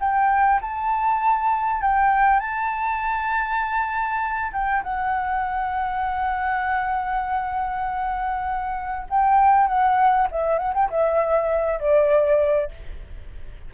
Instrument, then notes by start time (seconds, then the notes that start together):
flute
0.00 G5
0.61 A5
1.82 G5
2.40 A5
4.53 G5
4.83 F#5
9.09 G5
9.67 F#5
10.31 E5
10.58 F#5
10.74 G5
10.90 E5
11.80 D5